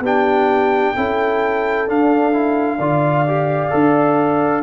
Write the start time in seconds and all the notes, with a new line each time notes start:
0.00 B3 D4 G4 G5
0.95 C#4 E4 A4
1.87 D4 F5
2.32 E4
2.78 D3 F4 D5
3.27 G4
3.70 D4 A4